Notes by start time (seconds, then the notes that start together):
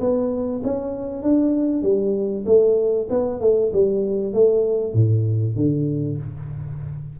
0.00 B3
0.64 C#4
1.22 D4
1.82 G3
2.46 A3
3.10 B3
3.40 A3
3.73 G3
4.33 A3
4.94 A2
5.56 D3